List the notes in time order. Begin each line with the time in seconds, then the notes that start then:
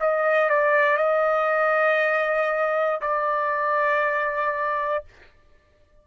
0.00 D#5
0.49 D5
0.97 D#5
3.01 D5